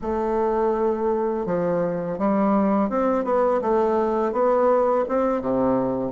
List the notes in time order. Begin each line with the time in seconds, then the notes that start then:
0.01 A3
1.46 F3
2.18 G3
2.89 C4
3.24 B3
3.61 A3
4.32 B3
5.08 C4
5.41 C3